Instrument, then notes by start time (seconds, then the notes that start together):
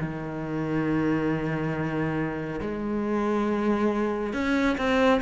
cello
0.00 D#3
2.61 G#3
4.34 C#4
4.77 C4